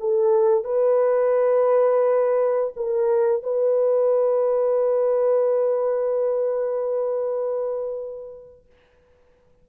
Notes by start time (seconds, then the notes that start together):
0.00 A4
0.64 B4
2.77 A#4
3.43 B4